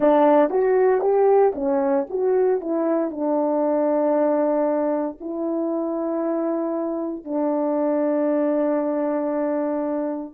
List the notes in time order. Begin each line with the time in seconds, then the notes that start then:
0.00 D4
0.50 F#4
1.01 G4
1.55 C#4
2.09 F#4
2.61 E4
3.10 D4
5.20 E4
7.24 D4